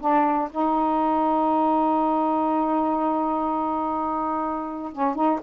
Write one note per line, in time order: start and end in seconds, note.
0.00 0.49 D4
0.51 4.92 D#4
4.92 5.15 C#4
5.15 5.39 D#4